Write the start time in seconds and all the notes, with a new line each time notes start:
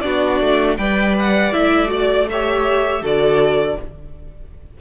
0.00 B3 D4 F#4 D5
0.40 A3
0.77 G3 B4 D5 G5
1.19 F#5
1.52 A3 E4 E5
1.87 F#4 D5
2.29 G4 C#5 E5
3.01 D3 F#4 A4 D5